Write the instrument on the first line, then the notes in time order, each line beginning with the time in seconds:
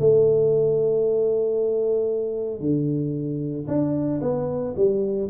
tuba
0.00 A3
2.61 D3
3.68 D4
4.22 B3
4.76 G3